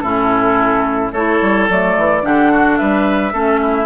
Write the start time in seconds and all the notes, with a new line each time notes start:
0.00 A2 C#4 E4 A4
1.12 A3 E4 A4 C#5
1.42 G3
1.69 F#3 A3 D5
1.97 E3
2.22 D3 D4 G4 F#5
2.52 F#4
2.77 G3 B4 E5
3.33 A3 C#4 A4
3.62 E4